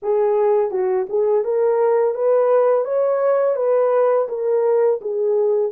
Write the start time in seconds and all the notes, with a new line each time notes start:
0.02 G#4
0.70 F#4
1.09 G#4
1.44 A#4
2.14 B4
2.84 C#5
3.56 B4
4.28 A#4
5.01 G#4